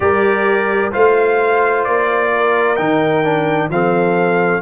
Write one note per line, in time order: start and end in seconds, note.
0.00 0.92 G3
0.00 0.91 G4
0.00 0.92 A#4
0.00 0.92 D5
0.92 1.86 A3
0.92 2.76 F4
0.92 2.30 C5
0.92 1.83 F5
1.83 2.78 A#3
1.83 2.76 D5
2.31 3.69 A#4
2.76 3.69 D#3
2.76 3.24 D#4
2.76 3.68 G5
3.24 3.70 D4
3.69 4.61 F3
3.69 4.62 C4
3.69 4.62 A4
3.69 4.62 F5